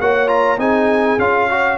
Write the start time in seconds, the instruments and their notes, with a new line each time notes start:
0.00 tuba A#3, trombone F#4, horn C#5, trumpet F#5
0.27 trombone F4, trumpet A#5
0.58 tuba C4, trombone D#4, horn G#4, trumpet G#5
1.18 tuba C#4, trombone F4, trumpet F5
1.49 trombone F#4, horn C#5